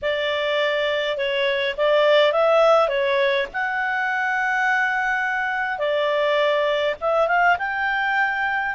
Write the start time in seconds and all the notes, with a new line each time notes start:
0.02 D5
1.17 C#5
1.77 D5
2.32 E5
2.88 C#5
3.53 F#5
5.78 D5
7.01 E5
7.27 F5
7.58 G5